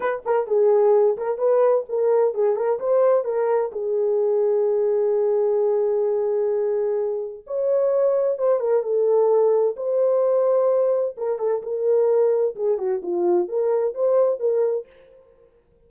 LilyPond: \new Staff \with { instrumentName = "horn" } { \time 4/4 \tempo 4 = 129 b'8 ais'8 gis'4. ais'8 b'4 | ais'4 gis'8 ais'8 c''4 ais'4 | gis'1~ | gis'1 |
cis''2 c''8 ais'8 a'4~ | a'4 c''2. | ais'8 a'8 ais'2 gis'8 fis'8 | f'4 ais'4 c''4 ais'4 | }